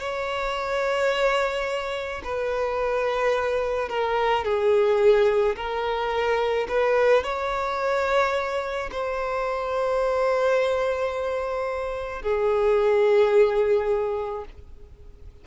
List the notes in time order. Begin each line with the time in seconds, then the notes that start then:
0.00 C#5
2.25 B4
3.89 A#4
4.45 G#4
5.57 A#4
6.69 B4
7.24 C#5
8.92 C5
12.23 G#4